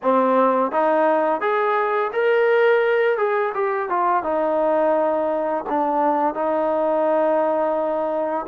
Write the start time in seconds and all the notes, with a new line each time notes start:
0.02 C4
0.71 D#4
1.40 G#4
2.12 A#4
3.17 G#4
3.54 G4
3.89 F4
4.23 D#4
5.69 D4
6.34 D#4